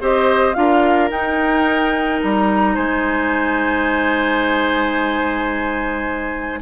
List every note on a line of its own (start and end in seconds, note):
0.00 0.56 C4
0.00 0.54 G4
0.00 0.55 C5
0.00 0.53 D#5
0.53 1.10 D4
0.53 1.09 F4
0.53 2.74 A#4
0.53 1.08 F5
1.10 2.20 D#4
1.10 6.61 D#4
1.10 2.21 G5
2.21 2.77 G3
2.21 2.76 A#5
2.74 6.61 G#3
2.74 6.59 C5
2.74 6.61 G#5